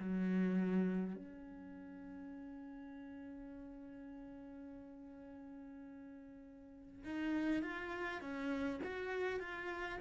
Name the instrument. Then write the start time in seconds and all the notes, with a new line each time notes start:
cello
0.00 F#3
1.16 C#4
7.04 D#4
7.63 F4
8.21 C#4
8.84 F#4
9.40 F4